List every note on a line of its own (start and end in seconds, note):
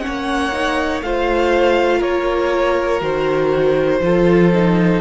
0.00 0.50 C#4
0.00 1.05 C#5
0.00 1.00 F#5
0.06 1.01 A#3
0.53 1.02 D#4
1.01 2.01 A3
1.01 3.00 F4
1.01 1.98 C5
1.01 2.01 F5
1.98 3.01 A#3
1.98 3.98 A#4
1.98 3.01 C#5
3.00 4.00 D#3
3.00 4.00 F#4
3.00 5.01 C5
4.00 5.00 F3
4.00 4.52 F4
4.00 5.01 A4
4.54 5.01 D#4